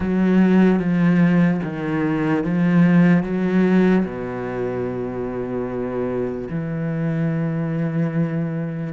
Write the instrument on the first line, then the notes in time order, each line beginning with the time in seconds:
cello
0.00 F#3
0.79 F3
1.63 D#3
2.44 F3
3.23 F#3
4.04 B2
6.50 E3